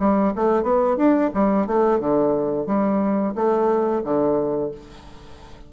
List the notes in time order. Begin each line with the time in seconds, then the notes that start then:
0.00 G3
0.36 A3
0.63 B3
0.97 D4
1.34 G3
1.67 A3
2.00 D3
2.67 G3
3.35 A3
4.04 D3